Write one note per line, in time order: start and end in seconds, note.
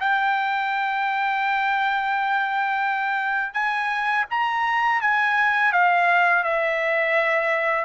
0.00 3.54 G5
3.54 4.25 G#5
4.31 5.01 A#5
5.01 5.72 G#5
5.72 6.44 F5
6.44 7.85 E5